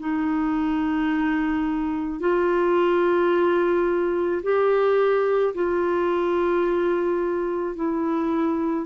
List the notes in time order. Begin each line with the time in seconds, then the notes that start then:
0.00 D#4
2.20 F4
4.43 G4
5.55 F4
7.76 E4